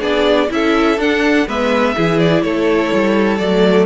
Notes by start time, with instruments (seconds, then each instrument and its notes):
0.00 cello B3, viola D4, violin G#4 D5
0.49 cello C#4, viola E4, violin A4 E5
0.98 cello D4, viola D4, violin F#5
1.47 cello G#3, viola B3, violin B4 E5
1.96 cello E3, viola E4, violin G#4
2.19 violin D5
2.42 cello A3, violin A4 C#5
2.93 cello G3
3.38 cello F#3, viola A3, violin D5